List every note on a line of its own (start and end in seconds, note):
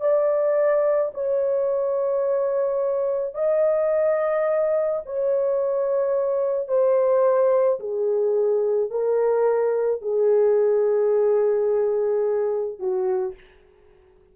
0.00 1.11 D5
1.14 3.34 C#5
3.34 5.01 D#5
5.06 6.68 C#5
6.68 7.79 C5
7.80 8.90 G#4
8.90 10.02 A#4
10.02 12.79 G#4
12.79 13.34 F#4